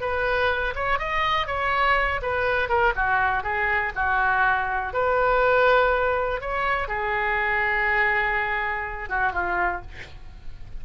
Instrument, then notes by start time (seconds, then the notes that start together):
oboe
0.00 B4
0.75 C#5
0.98 D#5
1.46 C#5
2.22 B4
2.68 A#4
2.95 F#4
3.43 G#4
3.95 F#4
4.93 B4
6.41 C#5
6.88 G#4
9.09 F#4
9.32 F4